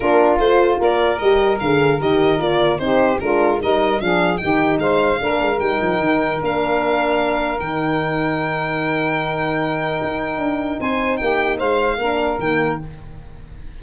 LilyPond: <<
  \new Staff \with { instrumentName = "violin" } { \time 4/4 \tempo 4 = 150 ais'4 c''4 d''4 dis''4 | f''4 dis''4 d''4 c''4 | ais'4 dis''4 f''4 g''4 | f''2 g''2 |
f''2. g''4~ | g''1~ | g''2. gis''4 | g''4 f''2 g''4 | }
  \new Staff \with { instrumentName = "saxophone" } { \time 4/4 f'2 ais'2~ | ais'2. g'4 | f'4 ais'4 gis'4 g'4 | c''4 ais'2.~ |
ais'1~ | ais'1~ | ais'2. c''4 | g'4 c''4 ais'2 | }
  \new Staff \with { instrumentName = "horn" } { \time 4/4 d'4 f'2 g'4 | gis'4 g'4 f'4 dis'4 | d'4 dis'4 d'4 dis'4~ | dis'4 d'4 dis'2 |
d'2. dis'4~ | dis'1~ | dis'1~ | dis'2 d'4 ais4 | }
  \new Staff \with { instrumentName = "tuba" } { \time 4/4 ais4 a4 ais4 g4 | d4 dis4 ais4 c'4 | gis4 g4 f4 dis4 | gis4 ais8 gis8 g8 f8 dis4 |
ais2. dis4~ | dis1~ | dis4 dis'4 d'4 c'4 | ais4 gis4 ais4 dis4 | }
>>